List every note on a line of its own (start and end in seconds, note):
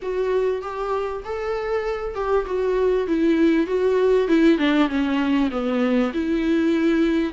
0.02 0.62 F#4
0.62 1.23 G4
1.24 2.14 A4
2.14 2.45 G4
2.45 3.07 F#4
3.07 3.66 E4
3.66 4.27 F#4
4.27 4.58 E4
4.58 4.88 D4
4.88 5.49 C#4
5.50 6.12 B3
6.13 7.32 E4